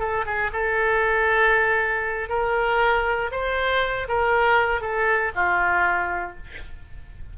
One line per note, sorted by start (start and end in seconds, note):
0.00 0.25 A4
0.26 0.52 G#4
0.53 2.30 A4
2.30 3.31 A#4
3.32 4.08 C5
4.08 4.81 A#4
4.81 5.32 A4
5.35 6.37 F4